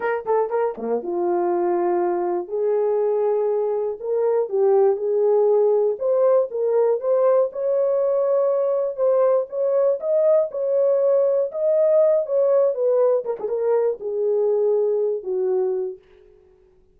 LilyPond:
\new Staff \with { instrumentName = "horn" } { \time 4/4 \tempo 4 = 120 ais'8 a'8 ais'8 ais8 f'2~ | f'4 gis'2. | ais'4 g'4 gis'2 | c''4 ais'4 c''4 cis''4~ |
cis''2 c''4 cis''4 | dis''4 cis''2 dis''4~ | dis''8 cis''4 b'4 ais'16 gis'16 ais'4 | gis'2~ gis'8 fis'4. | }